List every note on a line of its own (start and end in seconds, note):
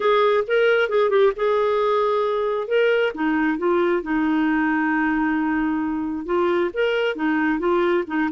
0.00 0.44 G#4
0.47 0.89 A#4
0.89 1.10 G#4
1.10 1.32 G4
1.36 2.67 G#4
2.67 3.12 A#4
3.14 3.58 D#4
3.58 4.02 F4
4.02 6.25 D#4
6.25 6.70 F4
6.73 7.15 A#4
7.15 7.59 D#4
7.59 8.04 F4
8.07 8.29 D#4